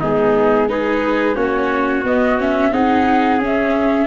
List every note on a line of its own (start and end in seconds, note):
0.00 1.36 G#3
0.00 0.70 B3
0.00 0.68 D#4
0.00 0.69 G#4
0.69 1.36 D#4
0.69 1.36 G#4
0.69 1.36 B4
1.36 2.04 A#3
1.36 2.04 C#4
1.36 2.72 F#4
1.36 2.04 C#5
2.04 2.72 B3
2.04 2.38 B3
2.04 2.40 D#5
2.38 2.72 C#4
2.38 2.74 E5
2.72 3.39 C4
2.72 3.41 D#4
2.72 4.07 G#4
2.72 3.42 F#5
3.39 4.07 C#4
3.39 4.07 E5